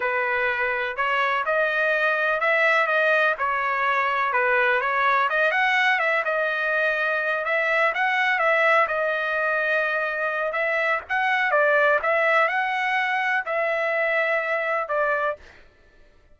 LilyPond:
\new Staff \with { instrumentName = "trumpet" } { \time 4/4 \tempo 4 = 125 b'2 cis''4 dis''4~ | dis''4 e''4 dis''4 cis''4~ | cis''4 b'4 cis''4 dis''8 fis''8~ | fis''8 e''8 dis''2~ dis''8 e''8~ |
e''8 fis''4 e''4 dis''4.~ | dis''2 e''4 fis''4 | d''4 e''4 fis''2 | e''2. d''4 | }